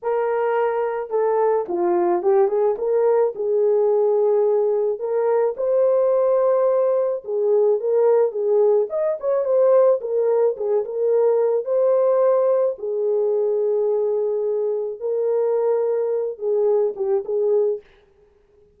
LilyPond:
\new Staff \with { instrumentName = "horn" } { \time 4/4 \tempo 4 = 108 ais'2 a'4 f'4 | g'8 gis'8 ais'4 gis'2~ | gis'4 ais'4 c''2~ | c''4 gis'4 ais'4 gis'4 |
dis''8 cis''8 c''4 ais'4 gis'8 ais'8~ | ais'4 c''2 gis'4~ | gis'2. ais'4~ | ais'4. gis'4 g'8 gis'4 | }